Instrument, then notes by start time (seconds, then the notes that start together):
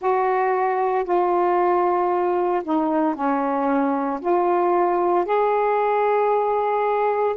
saxophone
0.00 F#4
1.04 F4
2.64 D#4
3.14 C#4
4.21 F4
5.25 G#4